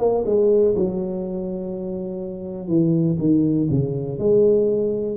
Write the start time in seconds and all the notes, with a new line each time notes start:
0.00 A#3
0.26 G#3
0.76 F#3
2.68 E3
3.19 D#3
3.71 C#3
4.19 G#3